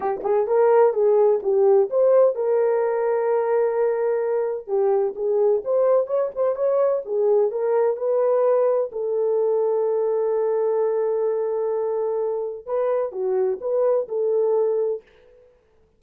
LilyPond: \new Staff \with { instrumentName = "horn" } { \time 4/4 \tempo 4 = 128 g'8 gis'8 ais'4 gis'4 g'4 | c''4 ais'2.~ | ais'2 g'4 gis'4 | c''4 cis''8 c''8 cis''4 gis'4 |
ais'4 b'2 a'4~ | a'1~ | a'2. b'4 | fis'4 b'4 a'2 | }